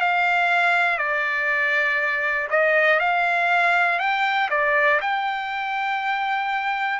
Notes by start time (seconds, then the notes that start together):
0.00 F5
0.97 D5
2.50 D#5
3.00 F5
3.99 G5
4.50 D5
5.00 G5